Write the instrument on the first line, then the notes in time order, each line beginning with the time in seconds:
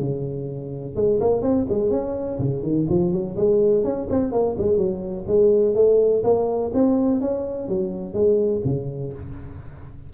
tuba
0.00 C#3
0.96 G#3
1.21 A#3
1.42 C4
1.70 G#3
1.91 C#4
2.39 C#3
2.63 D#3
2.90 F3
3.12 F#3
3.37 G#3
3.84 C#4
4.10 C4
4.32 A#3
4.58 G#3
4.78 F#3
5.28 G#3
5.76 A3
6.24 A#3
6.75 C4
7.21 C#4
7.69 F#3
8.14 G#3
8.65 C#3